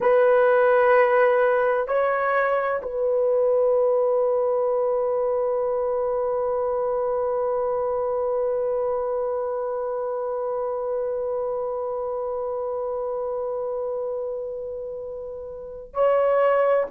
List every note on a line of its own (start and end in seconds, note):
0.00 1.87 B4
1.87 2.81 C#5
2.82 15.93 B4
15.93 16.87 C#5